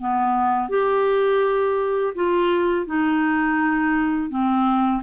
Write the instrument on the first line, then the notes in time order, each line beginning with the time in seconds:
clarinet
0.00 B3
0.70 G4
2.16 F4
2.87 D#4
4.30 C4